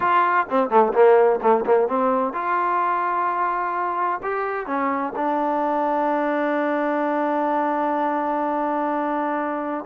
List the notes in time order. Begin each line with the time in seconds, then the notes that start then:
0.00 F4
0.49 C4
0.69 A3
0.93 A#3
1.41 A3
1.65 A#3
1.87 C4
2.33 F4
4.23 G4
4.66 C#4
5.16 D4